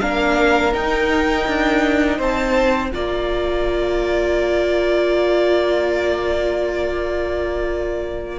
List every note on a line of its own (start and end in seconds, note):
0.00 0.73 A#3
0.00 0.73 D4
0.00 2.18 A#4
0.00 0.73 F5
0.73 2.92 D#4
0.73 1.47 D#4
0.73 2.20 G5
1.47 2.19 D4
2.18 2.92 C4
2.18 2.91 C5
2.18 2.95 A5
2.92 8.39 A#3
2.92 8.39 F4
2.92 8.39 D5
2.92 8.39 A#5